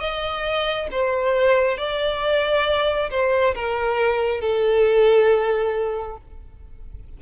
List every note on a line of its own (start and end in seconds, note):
0.00 0.88 D#5
0.92 1.78 C5
1.78 3.10 D5
3.11 3.55 C5
3.55 4.42 A#4
4.42 6.18 A4